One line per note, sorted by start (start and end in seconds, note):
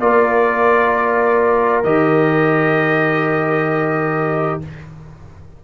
0.00 1.84 A#3
0.00 1.85 F4
0.00 4.64 A#4
0.00 1.84 D5
1.84 4.61 D#3
1.84 4.62 G4
1.84 4.61 D#5